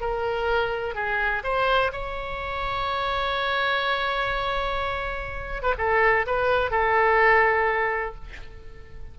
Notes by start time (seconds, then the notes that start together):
0.00 A#4
0.94 G#4
1.43 C5
1.92 C#5
5.62 B4
5.77 A4
6.26 B4
6.70 A4